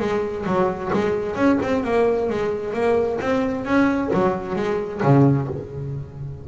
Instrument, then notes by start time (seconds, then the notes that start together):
double bass
0.00 G#3
0.46 F#3
0.94 G#3
1.36 C#4
1.63 C4
1.84 A#3
2.30 G#3
2.74 A#3
3.21 C4
3.65 C#4
4.13 F#3
4.56 G#3
5.03 C#3